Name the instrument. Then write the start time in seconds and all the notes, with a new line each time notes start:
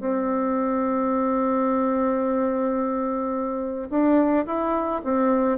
bassoon
0.00 C4
3.90 D4
4.46 E4
5.04 C4